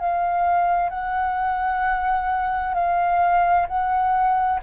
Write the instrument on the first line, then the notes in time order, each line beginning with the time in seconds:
flute
0.00 F5
0.90 F#5
2.75 F5
3.68 F#5